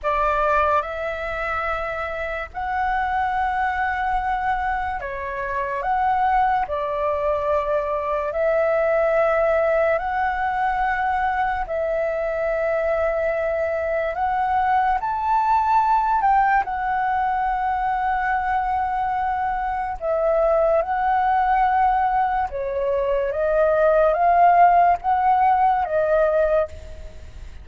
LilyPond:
\new Staff \with { instrumentName = "flute" } { \time 4/4 \tempo 4 = 72 d''4 e''2 fis''4~ | fis''2 cis''4 fis''4 | d''2 e''2 | fis''2 e''2~ |
e''4 fis''4 a''4. g''8 | fis''1 | e''4 fis''2 cis''4 | dis''4 f''4 fis''4 dis''4 | }